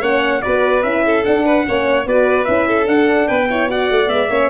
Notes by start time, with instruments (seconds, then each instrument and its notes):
0.00 tuba A#3, horn C#4, violin C#5, trumpet F#5
0.42 tuba B3, horn F#4, violin B4, trumpet D5
0.83 tuba C#4, horn E4, trumpet E5
1.05 violin A4
1.24 horn D4, tuba D4, trumpet F#5
1.45 violin B4
1.64 tuba A#3, horn C#4, violin C#5
2.06 tuba B3, horn F#4, violin B4, trumpet D5
2.45 tuba C#4, horn E4, trumpet E5
2.67 violin A4
2.84 horn D4, tuba D4, trumpet F#5
3.28 tuba B3, violin B4, trumpet G5
3.50 horn E4, violin C#5
3.68 horn F#4, violin D5, trumpet F#5
3.90 tuba A3
4.07 tuba G#3, horn B3, trumpet E5
4.30 tuba A#3, horn C#4, violin C#5